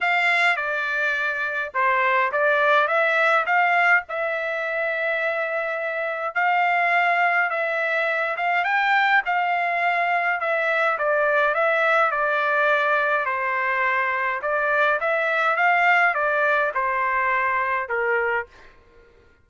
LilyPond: \new Staff \with { instrumentName = "trumpet" } { \time 4/4 \tempo 4 = 104 f''4 d''2 c''4 | d''4 e''4 f''4 e''4~ | e''2. f''4~ | f''4 e''4. f''8 g''4 |
f''2 e''4 d''4 | e''4 d''2 c''4~ | c''4 d''4 e''4 f''4 | d''4 c''2 ais'4 | }